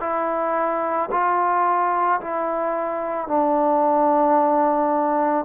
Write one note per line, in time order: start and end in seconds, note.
0.00 1.09 E4
1.11 2.20 F4
2.21 3.27 E4
3.27 5.44 D4